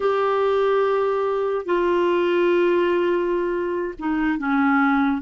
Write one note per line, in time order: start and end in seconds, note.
0.00 1.65 G4
1.65 3.94 F4
3.98 4.38 D#4
4.38 5.21 C#4